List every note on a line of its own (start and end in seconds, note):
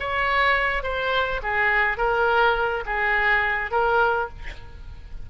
0.00 0.83 C#5
0.83 1.41 C5
1.43 1.97 G#4
1.97 2.84 A#4
2.86 3.71 G#4
3.71 4.29 A#4